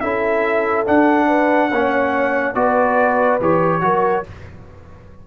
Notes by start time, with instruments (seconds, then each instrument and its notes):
0.00 tuba C#4, trombone E4, horn A4, trumpet E5
0.86 trombone D4, tuba D4, trumpet F#5
1.27 horn B4
1.71 tuba A#3, trombone C#4, horn C#5
2.54 tuba B3, trombone F#4, horn B4, trumpet D5
3.40 tuba E3, trombone G4, trumpet C#5
3.81 tuba F#3, trombone F#4, horn A#4